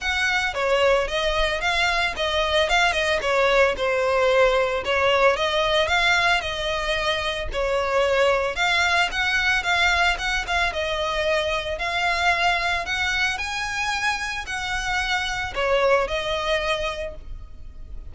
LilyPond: \new Staff \with { instrumentName = "violin" } { \time 4/4 \tempo 4 = 112 fis''4 cis''4 dis''4 f''4 | dis''4 f''8 dis''8 cis''4 c''4~ | c''4 cis''4 dis''4 f''4 | dis''2 cis''2 |
f''4 fis''4 f''4 fis''8 f''8 | dis''2 f''2 | fis''4 gis''2 fis''4~ | fis''4 cis''4 dis''2 | }